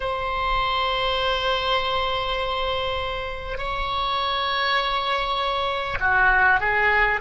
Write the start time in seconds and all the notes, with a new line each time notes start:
0.00 C5
3.57 C#5
5.99 F#4
6.60 G#4